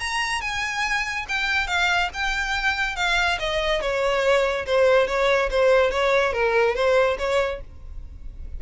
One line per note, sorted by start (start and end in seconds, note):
0.00 0.41 A#5
0.41 1.26 G#5
1.29 1.67 G5
1.67 2.09 F5
2.13 2.96 G5
2.96 3.38 F5
3.39 3.81 D#5
3.81 4.66 C#5
4.66 5.07 C5
5.07 5.50 C#5
5.50 5.91 C5
5.91 6.33 C#5
6.33 6.75 A#4
6.75 7.17 C5
7.19 7.61 C#5